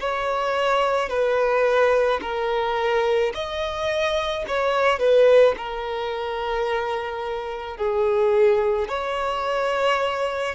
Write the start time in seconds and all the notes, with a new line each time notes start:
0.00 C#5
1.09 B4
2.22 A#4
3.34 D#5
4.47 C#5
4.99 B4
5.58 A#4
7.77 G#4
8.88 C#5